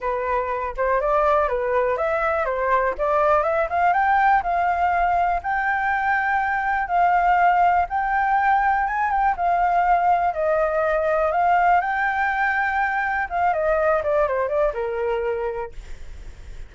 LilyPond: \new Staff \with { instrumentName = "flute" } { \time 4/4 \tempo 4 = 122 b'4. c''8 d''4 b'4 | e''4 c''4 d''4 e''8 f''8 | g''4 f''2 g''4~ | g''2 f''2 |
g''2 gis''8 g''8 f''4~ | f''4 dis''2 f''4 | g''2. f''8 dis''8~ | dis''8 d''8 c''8 d''8 ais'2 | }